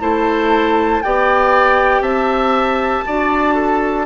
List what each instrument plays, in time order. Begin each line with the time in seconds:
0.00 bassoon A3, clarinet E4, oboe C5, flute A5
1.02 bassoon B3, clarinet G4, oboe D5, flute G5
2.01 bassoon C4, oboe E5, flute A5
3.07 bassoon D4, clarinet F#4, oboe D5
3.55 oboe A4